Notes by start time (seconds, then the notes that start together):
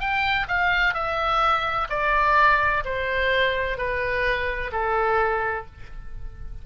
0.00 G5
0.48 F5
0.94 E5
1.90 D5
2.85 C5
3.78 B4
4.72 A4